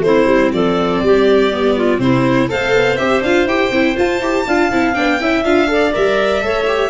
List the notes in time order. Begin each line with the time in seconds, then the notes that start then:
0.00 A3 C4 E4 C5
0.26 G3
0.52 F3 A4 D5
1.02 G3 G4
1.52 B3
1.76 F4
1.98 C3 C4 E4 C5
2.48 A3 A4 C5 F5
2.74 B3
2.97 C4 G4 E5
3.21 D4 F4 F5
3.45 E4 G4 G5
3.71 C4 E4
3.96 F4 A5
4.20 E4 G4
4.47 D4 F4 F5
4.71 C4 E4
4.94 B3 D4 G5
5.20 C#4 E4 E5
5.44 D4 F4 F5
5.68 A4 D5
5.93 G3 A#4 E5
6.41 A3 A4 C#5
6.67 G4